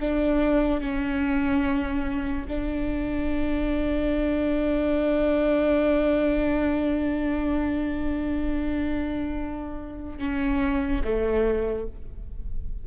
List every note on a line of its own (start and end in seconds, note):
0.00 0.80 D4
0.80 2.47 C#4
2.48 10.18 D4
10.18 11.02 C#4
11.03 11.87 A3